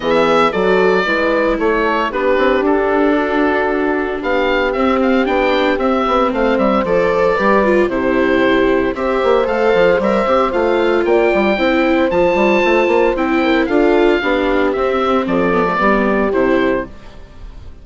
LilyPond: <<
  \new Staff \with { instrumentName = "oboe" } { \time 4/4 \tempo 4 = 114 e''4 d''2 cis''4 | b'4 a'2. | f''4 e''8 f''8 g''4 e''4 | f''8 e''8 d''2 c''4~ |
c''4 e''4 f''4 e''4 | f''4 g''2 a''4~ | a''4 g''4 f''2 | e''4 d''2 c''4 | }
  \new Staff \with { instrumentName = "horn" } { \time 4/4 gis'4 a'4 b'4 a'4 | g'2 fis'2 | g'1 | c''2 b'4 g'4~ |
g'4 c''2.~ | c''4 d''4 c''2~ | c''4. ais'8 a'4 g'4~ | g'4 a'4 g'2 | }
  \new Staff \with { instrumentName = "viola" } { \time 4/4 b4 fis'4 e'2 | d'1~ | d'4 c'4 d'4 c'4~ | c'4 a'4 g'8 f'8 e'4~ |
e'4 g'4 a'4 ais'8 g'8 | f'2 e'4 f'4~ | f'4 e'4 f'4 d'4 | c'4. b16 a16 b4 e'4 | }
  \new Staff \with { instrumentName = "bassoon" } { \time 4/4 e4 fis4 gis4 a4 | b8 c'8 d'2. | b4 c'4 b4 c'8 b8 | a8 g8 f4 g4 c4~ |
c4 c'8 ais8 a8 f8 g8 c'8 | a4 ais8 g8 c'4 f8 g8 | a8 ais8 c'4 d'4 b4 | c'4 f4 g4 c4 | }
>>